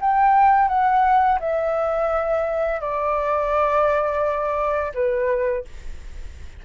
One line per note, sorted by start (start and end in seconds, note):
0.00 0.68 G5
0.68 1.38 F#5
1.39 2.80 E5
2.80 4.92 D5
4.94 5.64 B4